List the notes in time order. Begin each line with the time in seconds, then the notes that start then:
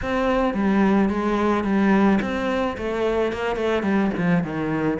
0.02 C4
0.54 G3
1.09 G#3
1.64 G3
2.21 C4
2.77 A3
3.32 A#3
3.56 A3
3.82 G3
4.17 F3
4.43 D#3